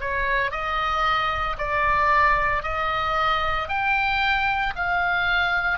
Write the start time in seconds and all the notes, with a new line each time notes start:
0.00 C#5
0.51 D#5
1.58 D5
2.63 D#5
3.68 G5
4.75 F5